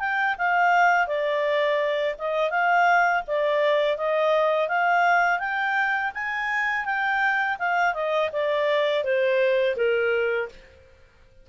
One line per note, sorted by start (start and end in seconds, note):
0.00 0.36 G5
0.38 1.08 F5
1.08 2.16 D5
2.19 2.51 D#5
2.51 3.23 F5
3.28 3.98 D5
3.98 4.69 D#5
4.69 5.40 F5
5.40 6.12 G5
6.15 6.85 G#5
6.85 7.58 G5
7.59 7.95 F5
7.95 8.31 D#5
8.33 9.04 D5
9.04 9.77 C5
9.77 10.50 A#4